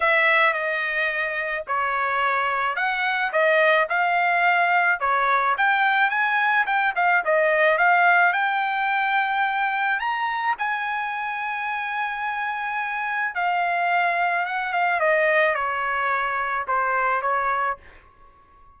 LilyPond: \new Staff \with { instrumentName = "trumpet" } { \time 4/4 \tempo 4 = 108 e''4 dis''2 cis''4~ | cis''4 fis''4 dis''4 f''4~ | f''4 cis''4 g''4 gis''4 | g''8 f''8 dis''4 f''4 g''4~ |
g''2 ais''4 gis''4~ | gis''1 | f''2 fis''8 f''8 dis''4 | cis''2 c''4 cis''4 | }